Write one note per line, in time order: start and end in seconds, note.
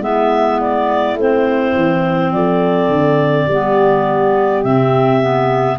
0.00 1.15 G#3
0.00 1.17 B3
0.00 2.34 E4
0.00 0.60 E5
0.60 1.18 D5
1.15 1.73 A3
1.15 3.51 C4
1.15 2.32 C5
1.75 2.31 E3
2.31 2.88 F3
2.31 3.45 A4
2.31 4.63 D5
2.88 3.46 D3
3.45 4.63 G3
3.45 5.76 G4
3.52 4.64 B3
4.63 5.79 C3
4.63 5.21 C4
4.63 5.78 E5
5.21 5.79 B3